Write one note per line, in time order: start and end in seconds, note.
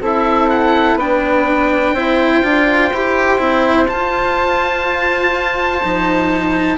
0.00 0.94 C4
0.00 0.99 E4
0.00 0.97 A4
0.00 0.49 E5
0.49 0.98 F#5
0.94 1.91 B3
0.94 1.96 D4
0.94 1.93 B4
0.94 3.88 G5
1.94 2.42 C4
1.94 2.43 E4
1.94 6.78 C5
2.43 2.91 D4
2.43 2.91 F4
2.92 3.40 E4
2.92 3.38 G4
3.38 3.89 C4
3.38 3.86 E4
3.88 5.81 F4
3.88 5.83 F4
3.88 6.78 A5
5.83 6.78 F3
5.83 6.78 D#4